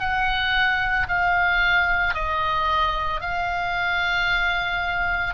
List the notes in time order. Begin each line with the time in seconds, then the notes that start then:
0.00 F#5
1.08 F5
2.14 D#5
3.20 F5